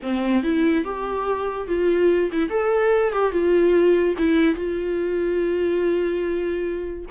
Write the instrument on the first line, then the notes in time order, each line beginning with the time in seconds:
viola
0.02 C4
0.43 E4
0.84 G4
1.67 F4
2.32 E4
2.49 A4
3.12 G4
3.31 F4
4.18 E4
4.55 F4